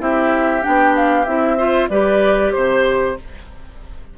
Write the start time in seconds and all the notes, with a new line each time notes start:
0.00 C4 E4 G4 E5
0.62 B3 D4 G5
0.96 F5
1.25 C4 E4 E5
1.58 F4 C5
1.89 G3 G4 B4 D5
2.52 C3 C5